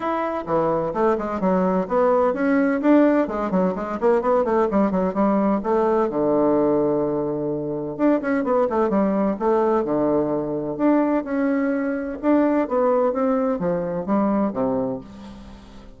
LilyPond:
\new Staff \with { instrumentName = "bassoon" } { \time 4/4 \tempo 4 = 128 e'4 e4 a8 gis8 fis4 | b4 cis'4 d'4 gis8 fis8 | gis8 ais8 b8 a8 g8 fis8 g4 | a4 d2.~ |
d4 d'8 cis'8 b8 a8 g4 | a4 d2 d'4 | cis'2 d'4 b4 | c'4 f4 g4 c4 | }